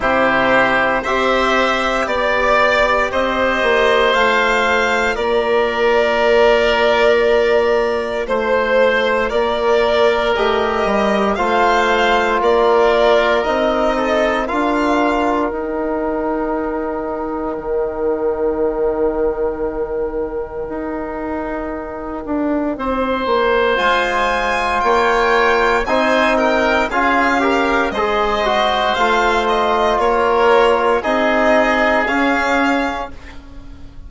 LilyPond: <<
  \new Staff \with { instrumentName = "violin" } { \time 4/4 \tempo 4 = 58 c''4 e''4 d''4 dis''4 | f''4 d''2. | c''4 d''4 dis''4 f''4 | d''4 dis''4 f''4 g''4~ |
g''1~ | g''2. gis''4 | g''4 gis''8 g''8 f''4 dis''4 | f''8 dis''8 cis''4 dis''4 f''4 | }
  \new Staff \with { instrumentName = "oboe" } { \time 4/4 g'4 c''4 d''4 c''4~ | c''4 ais'2. | c''4 ais'2 c''4 | ais'4. a'8 ais'2~ |
ais'1~ | ais'2 c''2 | cis''4 c''8 ais'8 gis'8 ais'8 c''4~ | c''4 ais'4 gis'2 | }
  \new Staff \with { instrumentName = "trombone" } { \time 4/4 e'4 g'2. | f'1~ | f'2 g'4 f'4~ | f'4 dis'4 f'4 dis'4~ |
dis'1~ | dis'2. f'4~ | f'4 dis'4 f'8 g'8 gis'8 fis'8 | f'2 dis'4 cis'4 | }
  \new Staff \with { instrumentName = "bassoon" } { \time 4/4 c4 c'4 b4 c'8 ais8 | a4 ais2. | a4 ais4 a8 g8 a4 | ais4 c'4 d'4 dis'4~ |
dis'4 dis2. | dis'4. d'8 c'8 ais8 gis4 | ais4 c'4 cis'4 gis4 | a4 ais4 c'4 cis'4 | }
>>